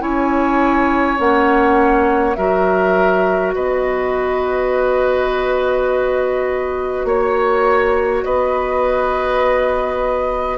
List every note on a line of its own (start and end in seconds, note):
0.00 1.20 C#4
0.00 1.17 E4
0.00 2.37 C#5
0.00 1.19 G#5
1.17 2.37 A#3
1.17 2.35 C#4
1.17 2.35 F#5
2.35 3.55 F#3
2.35 10.58 F#4
2.35 3.55 A#4
2.35 3.53 E5
3.55 7.05 B3
3.55 7.07 B4
3.55 7.08 D#5
7.05 8.23 A#3
7.05 8.25 C#5
8.25 10.58 B3
8.25 10.58 B4
8.25 10.58 D#5